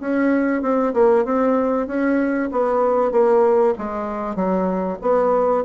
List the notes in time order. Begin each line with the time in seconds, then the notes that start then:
0.00 C#4
0.62 C4
0.94 A#3
1.25 C4
1.87 C#4
2.52 B3
3.11 A#3
3.78 G#3
4.36 F#3
5.02 B3